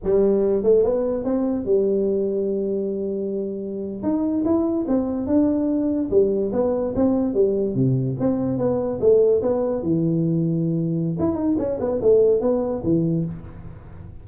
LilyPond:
\new Staff \with { instrumentName = "tuba" } { \time 4/4 \tempo 4 = 145 g4. a8 b4 c'4 | g1~ | g4.~ g16 dis'4 e'4 c'16~ | c'8. d'2 g4 b16~ |
b8. c'4 g4 c4 c'16~ | c'8. b4 a4 b4 e16~ | e2. e'8 dis'8 | cis'8 b8 a4 b4 e4 | }